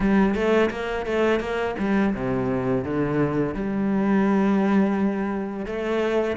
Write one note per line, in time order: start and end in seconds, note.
0.00 0.34 G3
0.34 0.70 A3
0.70 1.06 A#3
1.06 1.39 A3
1.39 1.75 A#3
1.78 2.14 G3
2.14 2.84 C3
2.84 3.54 D3
3.54 5.66 G3
5.66 6.36 A3